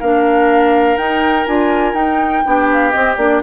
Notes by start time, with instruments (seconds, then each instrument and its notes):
0.00 bassoon A#3, clarinet D4, oboe A#4, flute F5
0.97 bassoon D#4, clarinet D#4, flute G5
1.47 bassoon D4, clarinet F4, flute G#5
1.94 bassoon D#4, clarinet D#4, flute G5
2.45 bassoon B3, clarinet D4, oboe G4
2.73 flute F5
2.91 clarinet C4, bassoon C4, flute D#5
3.17 bassoon A#3, clarinet D4, flute D5